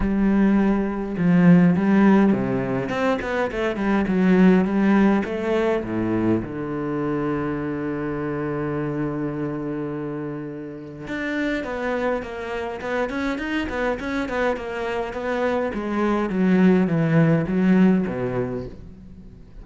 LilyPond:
\new Staff \with { instrumentName = "cello" } { \time 4/4 \tempo 4 = 103 g2 f4 g4 | c4 c'8 b8 a8 g8 fis4 | g4 a4 a,4 d4~ | d1~ |
d2. d'4 | b4 ais4 b8 cis'8 dis'8 b8 | cis'8 b8 ais4 b4 gis4 | fis4 e4 fis4 b,4 | }